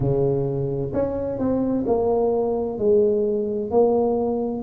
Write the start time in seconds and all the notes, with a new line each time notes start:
0.00 C#3
0.93 C#4
1.38 C4
1.86 A#3
2.78 G#3
3.70 A#3